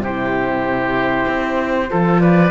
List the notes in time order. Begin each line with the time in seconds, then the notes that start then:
0.00 C3 E4 G4 C5
1.28 C4
1.89 F3 F4 A4
2.20 B4 D5